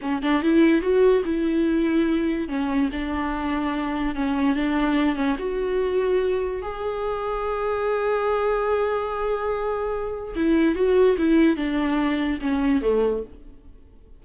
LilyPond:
\new Staff \with { instrumentName = "viola" } { \time 4/4 \tempo 4 = 145 cis'8 d'8 e'4 fis'4 e'4~ | e'2 cis'4 d'4~ | d'2 cis'4 d'4~ | d'8 cis'8 fis'2. |
gis'1~ | gis'1~ | gis'4 e'4 fis'4 e'4 | d'2 cis'4 a4 | }